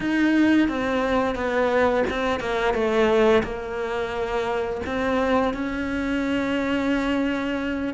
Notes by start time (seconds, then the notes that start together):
0.00 D#4
0.68 C4
1.34 B3
2.09 C4
2.39 A#3
2.74 A3
3.43 A#3
4.86 C4
5.53 C#4